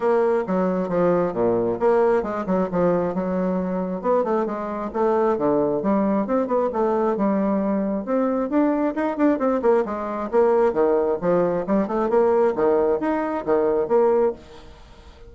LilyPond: \new Staff \with { instrumentName = "bassoon" } { \time 4/4 \tempo 4 = 134 ais4 fis4 f4 ais,4 | ais4 gis8 fis8 f4 fis4~ | fis4 b8 a8 gis4 a4 | d4 g4 c'8 b8 a4 |
g2 c'4 d'4 | dis'8 d'8 c'8 ais8 gis4 ais4 | dis4 f4 g8 a8 ais4 | dis4 dis'4 dis4 ais4 | }